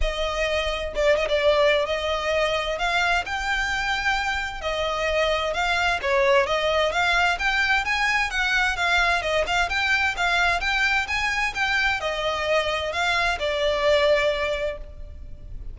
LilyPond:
\new Staff \with { instrumentName = "violin" } { \time 4/4 \tempo 4 = 130 dis''2 d''8 dis''16 d''4~ d''16 | dis''2 f''4 g''4~ | g''2 dis''2 | f''4 cis''4 dis''4 f''4 |
g''4 gis''4 fis''4 f''4 | dis''8 f''8 g''4 f''4 g''4 | gis''4 g''4 dis''2 | f''4 d''2. | }